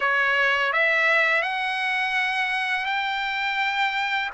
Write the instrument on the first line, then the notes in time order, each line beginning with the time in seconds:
trumpet
0.00 C#5
0.73 E5
1.42 F#5
2.85 G5